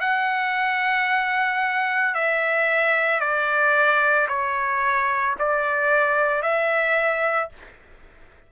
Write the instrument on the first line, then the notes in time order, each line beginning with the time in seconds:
trumpet
0.00 F#5
2.14 E5
3.20 D5
4.28 C#5
5.39 D5
6.42 E5